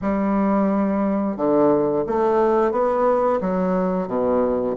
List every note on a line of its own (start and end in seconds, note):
0.01 1.36 G3
1.36 2.05 D3
2.06 2.71 A3
2.71 3.39 B3
3.41 4.07 F#3
4.07 4.75 B2